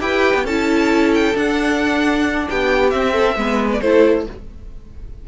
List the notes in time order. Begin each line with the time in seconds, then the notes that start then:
0.00 E4 G4 B4 G5
0.34 B3
0.44 C#4 E4 A4 A5
1.14 G5
1.34 D4 F#5
2.49 B3 G4 G5
2.90 C4 E5
3.12 A4
3.36 G#3 B3 B4
3.72 D5
3.80 A3 E4 A4 C5